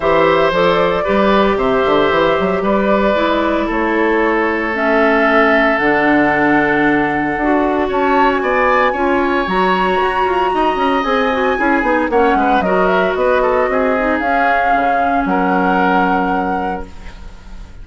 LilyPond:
<<
  \new Staff \with { instrumentName = "flute" } { \time 4/4 \tempo 4 = 114 e''4 d''2 e''4~ | e''4 d''2 cis''4~ | cis''4 e''2 fis''4~ | fis''2. a''8. gis''16~ |
gis''2 ais''2~ | ais''4 gis''2 fis''4 | dis''8 e''8 dis''2 f''4~ | f''4 fis''2. | }
  \new Staff \with { instrumentName = "oboe" } { \time 4/4 c''2 b'4 c''4~ | c''4 b'2 a'4~ | a'1~ | a'2. cis''4 |
d''4 cis''2. | dis''2 gis'4 cis''8 b'8 | ais'4 b'8 a'8 gis'2~ | gis'4 ais'2. | }
  \new Staff \with { instrumentName = "clarinet" } { \time 4/4 g'4 a'4 g'2~ | g'2 e'2~ | e'4 cis'2 d'4~ | d'2 fis'2~ |
fis'4 f'4 fis'2~ | fis'4 gis'8 fis'8 e'8 dis'8 cis'4 | fis'2~ fis'8 dis'8 cis'4~ | cis'1 | }
  \new Staff \with { instrumentName = "bassoon" } { \time 4/4 e4 f4 g4 c8 d8 | e8 fis8 g4 gis4 a4~ | a2. d4~ | d2 d'4 cis'4 |
b4 cis'4 fis4 fis'8 f'8 | dis'8 cis'8 c'4 cis'8 b8 ais8 gis8 | fis4 b4 c'4 cis'4 | cis4 fis2. | }
>>